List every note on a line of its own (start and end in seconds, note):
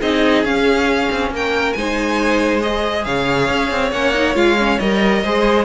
0.00 0.43 C4
0.00 0.44 D#4
0.00 1.30 G#4
0.00 0.44 D#5
0.43 1.08 C#4
0.43 1.75 C#4
0.43 1.31 F5
1.11 1.30 C4
1.30 1.73 A#3
1.30 1.77 A#4
1.30 1.72 G5
1.72 3.06 G#3
1.72 2.61 D#4
1.72 3.06 C5
1.72 2.59 G#5
2.61 3.91 G#4
2.61 3.04 D#5
3.04 3.49 C#3
3.04 5.23 C#5
3.04 3.91 F5
3.49 3.70 C#4
3.70 3.91 C4
3.91 4.35 A#3
3.91 4.13 C#4
3.91 4.35 F#5
4.13 4.34 D#4
4.34 4.78 G#3
4.34 4.56 F4
4.34 4.79 F5
4.57 4.79 C#4
4.79 5.24 G3
4.79 5.24 A#4
4.79 5.65 D#5
5.23 5.65 G#3
5.23 5.65 G#4
5.23 5.65 C5